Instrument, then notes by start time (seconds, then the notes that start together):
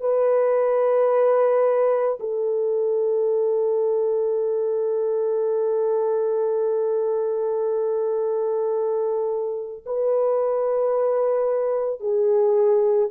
horn
0.00 B4
2.20 A4
9.86 B4
12.00 G#4